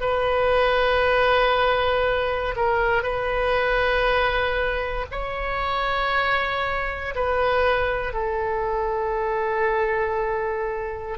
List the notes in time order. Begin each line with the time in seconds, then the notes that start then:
0.00 B4
2.56 A#4
3.02 B4
5.11 C#5
7.15 B4
8.13 A4